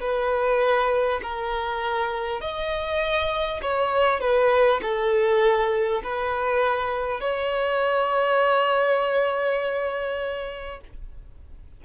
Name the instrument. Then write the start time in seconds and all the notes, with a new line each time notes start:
violin
0.00 B4
1.23 A#4
2.41 D#5
3.62 C#5
4.20 B4
4.82 A4
6.03 B4
7.20 C#5